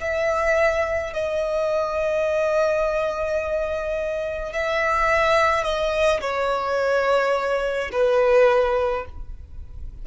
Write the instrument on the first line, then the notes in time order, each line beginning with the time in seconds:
violin
0.00 E5
1.13 D#5
4.52 E5
5.63 D#5
6.20 C#5
7.91 B4